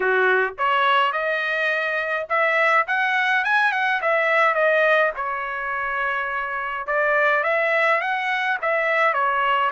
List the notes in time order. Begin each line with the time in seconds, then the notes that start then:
0.00 F#4
0.58 C#5
1.12 D#5
2.29 E5
2.87 F#5
3.44 G#5
3.72 F#5
4.01 E5
4.54 D#5
5.16 C#5
6.86 D5
7.43 E5
8.00 F#5
8.61 E5
9.13 C#5